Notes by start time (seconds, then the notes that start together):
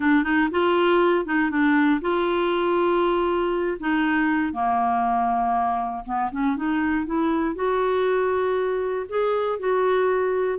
0.00 D4
0.23 D#4
0.51 F4
1.25 D#4
1.50 D4
2.01 F4
3.80 D#4
4.52 A#3
6.05 B3
6.31 C#4
6.56 D#4
7.05 E4
7.55 F#4
9.08 G#4
9.59 F#4